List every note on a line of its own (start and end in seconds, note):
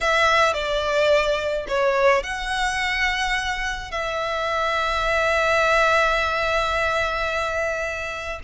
0.00 0.53 E5
0.53 1.65 D5
1.67 2.23 C#5
2.23 3.91 F#5
3.91 8.39 E5